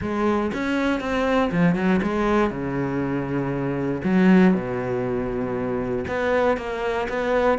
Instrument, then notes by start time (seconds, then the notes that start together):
cello
0.01 G#3
0.53 C#4
1.00 C4
1.51 F3
1.75 F#3
2.02 G#3
2.50 C#3
4.04 F#3
4.54 B2
6.07 B3
6.57 A#3
7.08 B3